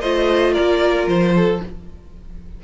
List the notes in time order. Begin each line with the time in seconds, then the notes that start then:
0.00 A3 F4 C5 D#5
0.53 A#4 D5
0.59 A#3
1.07 F3 C5
1.35 A4